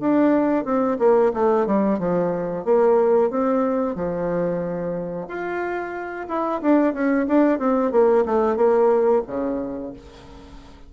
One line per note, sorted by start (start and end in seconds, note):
0.00 0.65 D4
0.65 0.98 C4
0.99 1.32 A#3
1.34 1.66 A3
1.66 1.99 G3
1.99 2.65 F3
2.65 3.30 A#3
3.30 3.95 C4
3.95 5.27 F3
5.28 6.27 F4
6.28 6.61 E4
6.61 6.94 D4
6.94 7.26 C#4
7.27 7.59 D4
7.59 7.92 C4
7.92 8.24 A#3
8.25 8.56 A3
8.56 9.22 A#3
9.27 9.93 C#3